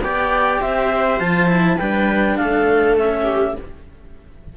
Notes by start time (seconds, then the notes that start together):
0.00 B3 G4 D5 G5
0.61 C4 C5 E5
1.19 F3 F4 A5
1.47 E4
1.77 G3 D4 B4 G5
2.37 A3 A4 F5
2.97 C#4 E5
3.24 G4